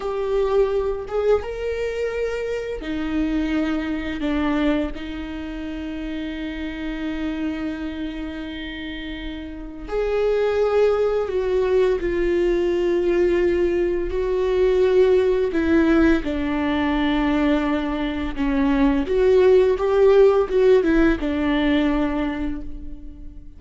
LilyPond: \new Staff \with { instrumentName = "viola" } { \time 4/4 \tempo 4 = 85 g'4. gis'8 ais'2 | dis'2 d'4 dis'4~ | dis'1~ | dis'2 gis'2 |
fis'4 f'2. | fis'2 e'4 d'4~ | d'2 cis'4 fis'4 | g'4 fis'8 e'8 d'2 | }